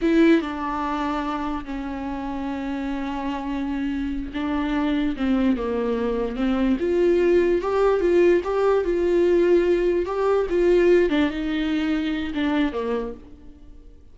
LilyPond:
\new Staff \with { instrumentName = "viola" } { \time 4/4 \tempo 4 = 146 e'4 d'2. | cis'1~ | cis'2~ cis'8 d'4.~ | d'8 c'4 ais2 c'8~ |
c'8 f'2 g'4 f'8~ | f'8 g'4 f'2~ f'8~ | f'8 g'4 f'4. d'8 dis'8~ | dis'2 d'4 ais4 | }